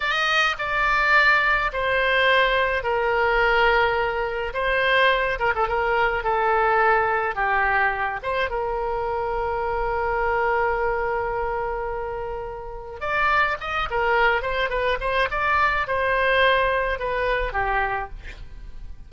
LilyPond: \new Staff \with { instrumentName = "oboe" } { \time 4/4 \tempo 4 = 106 dis''4 d''2 c''4~ | c''4 ais'2. | c''4. ais'16 a'16 ais'4 a'4~ | a'4 g'4. c''8 ais'4~ |
ais'1~ | ais'2. d''4 | dis''8 ais'4 c''8 b'8 c''8 d''4 | c''2 b'4 g'4 | }